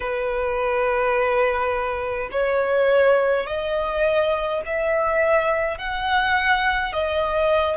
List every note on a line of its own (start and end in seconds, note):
0.00 2.29 B4
2.31 3.46 C#5
3.46 4.62 D#5
4.65 5.77 E5
5.77 6.92 F#5
6.92 7.76 D#5